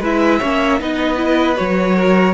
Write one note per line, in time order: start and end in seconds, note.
0.00 0.39 G#3
0.00 0.42 E4
0.00 0.39 B4
0.00 0.81 E5
0.39 0.81 A#3
0.39 0.79 C#4
0.39 0.78 C#5
0.79 1.58 B3
0.79 1.16 D#4
0.79 1.96 B4
0.79 1.56 D#5
1.16 1.55 E4
1.56 2.34 F#3
1.56 2.34 F#4
1.56 2.34 C#5
1.96 2.34 A#4